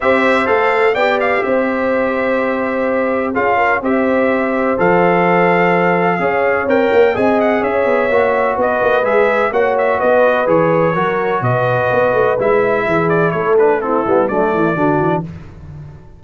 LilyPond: <<
  \new Staff \with { instrumentName = "trumpet" } { \time 4/4 \tempo 4 = 126 e''4 f''4 g''8 f''8 e''4~ | e''2. f''4 | e''2 f''2~ | f''2 g''4 gis''8 fis''8 |
e''2 dis''4 e''4 | fis''8 e''8 dis''4 cis''2 | dis''2 e''4. d''8 | cis''8 b'8 a'4 d''2 | }
  \new Staff \with { instrumentName = "horn" } { \time 4/4 c''2 d''4 c''4~ | c''2. gis'8 ais'8 | c''1~ | c''4 cis''2 dis''4 |
cis''2 b'2 | cis''4 b'2 ais'4 | b'2. gis'4 | a'4 e'4 d'8 e'8 fis'4 | }
  \new Staff \with { instrumentName = "trombone" } { \time 4/4 g'4 a'4 g'2~ | g'2. f'4 | g'2 a'2~ | a'4 gis'4 ais'4 gis'4~ |
gis'4 fis'2 gis'4 | fis'2 gis'4 fis'4~ | fis'2 e'2~ | e'8 d'8 c'8 b8 a4 d'4 | }
  \new Staff \with { instrumentName = "tuba" } { \time 4/4 c'4 a4 b4 c'4~ | c'2. cis'4 | c'2 f2~ | f4 cis'4 c'8 ais8 c'4 |
cis'8 b8 ais4 b8 ais8 gis4 | ais4 b4 e4 fis4 | b,4 b8 a8 gis4 e4 | a4. g8 fis8 e8 d8 e8 | }
>>